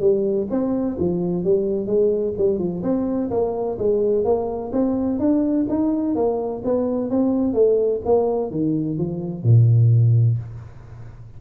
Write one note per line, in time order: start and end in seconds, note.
0.00 0.47 G3
0.50 0.97 C4
0.99 1.44 F3
1.44 1.86 G3
1.86 2.33 G#3
2.38 2.59 G3
2.59 2.82 F3
2.83 3.30 C4
3.30 3.77 A#3
3.78 4.24 G#3
4.24 4.71 A#3
4.72 5.19 C4
5.19 5.66 D4
5.69 6.15 D#4
6.15 6.62 A#3
6.64 7.10 B3
7.10 7.54 C4
7.54 8.01 A3
8.05 8.51 A#3
8.51 8.98 D#3
8.98 9.43 F3
9.43 10.38 A#2